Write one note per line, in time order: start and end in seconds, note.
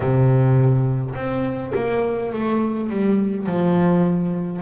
0.00 1.14 C3
1.15 1.73 C4
1.75 2.32 A#3
2.32 2.89 A3
2.89 3.46 G3
3.46 4.62 F3